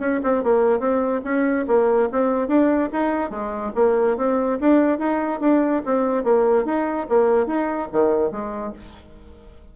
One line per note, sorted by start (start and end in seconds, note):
0.00 0.21 C#4
0.24 0.44 C4
0.44 0.80 A#3
0.80 1.21 C4
1.24 1.66 C#4
1.68 2.09 A#3
2.12 2.48 C4
2.48 2.90 D4
2.93 3.30 D#4
3.30 3.72 G#3
3.75 4.17 A#3
4.17 4.59 C4
4.61 4.99 D4
4.99 5.41 D#4
5.41 5.82 D4
5.86 6.24 C4
6.24 6.66 A#3
6.66 7.07 D#4
7.09 7.47 A#3
7.47 7.88 D#4
7.93 8.32 D#3
8.32 8.73 G#3